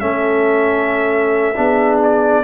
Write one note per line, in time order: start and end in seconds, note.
0.00 1.57 A3
0.00 1.55 C#4
0.00 1.55 A4
0.00 1.99 E5
1.55 2.44 B3
1.55 2.44 D4
1.55 2.43 G#4
2.03 2.44 D5